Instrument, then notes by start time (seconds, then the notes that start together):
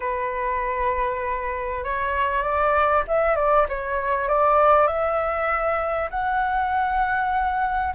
flute
0.00 B4
1.84 C#5
2.42 D5
3.07 E5
3.35 D5
3.68 C#5
4.28 D5
4.87 E5
6.10 F#5